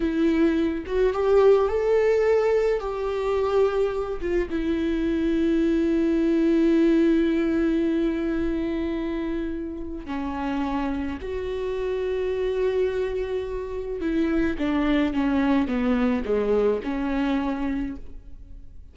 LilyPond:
\new Staff \with { instrumentName = "viola" } { \time 4/4 \tempo 4 = 107 e'4. fis'8 g'4 a'4~ | a'4 g'2~ g'8 f'8 | e'1~ | e'1~ |
e'2 cis'2 | fis'1~ | fis'4 e'4 d'4 cis'4 | b4 gis4 cis'2 | }